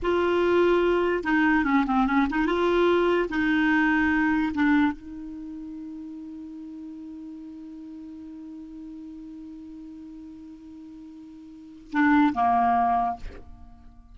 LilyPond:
\new Staff \with { instrumentName = "clarinet" } { \time 4/4 \tempo 4 = 146 f'2. dis'4 | cis'8 c'8 cis'8 dis'8 f'2 | dis'2. d'4 | dis'1~ |
dis'1~ | dis'1~ | dis'1~ | dis'4 d'4 ais2 | }